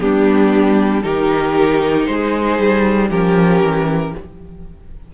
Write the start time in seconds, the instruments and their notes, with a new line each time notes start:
0.00 cello G3, viola B3, violin D4 G4
1.03 cello D#3, viola D#4, violin G4 A#4
2.06 cello G#3, violin C5
2.12 violin G#4
2.59 cello G3
3.10 cello F3, viola C#4, violin G4 A#4
3.63 cello E3